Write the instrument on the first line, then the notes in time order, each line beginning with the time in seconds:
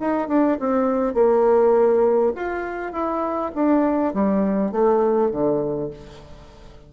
bassoon
0.00 D#4
0.28 D4
0.60 C4
1.14 A#3
2.35 F4
2.92 E4
3.55 D4
4.13 G3
4.72 A3
5.31 D3